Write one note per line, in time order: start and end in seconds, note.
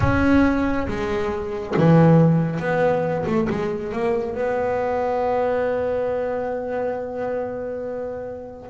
0.00 0.87 C#4
0.87 1.74 G#3
1.76 2.59 E3
2.59 3.25 B3
3.26 3.48 A3
3.49 3.92 G#3
3.92 4.34 A#3
4.34 8.69 B3